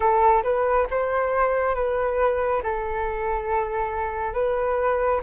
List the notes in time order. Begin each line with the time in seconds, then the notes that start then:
0.00 A4
0.43 B4
0.90 C5
1.74 B4
2.62 A4
4.33 B4